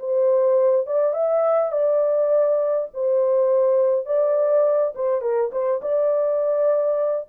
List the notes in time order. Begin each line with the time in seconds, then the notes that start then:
0.00 C5
0.87 D5
1.14 E5
1.72 D5
2.94 C5
4.06 D5
4.95 C5
5.22 A#4
5.52 C5
5.82 D5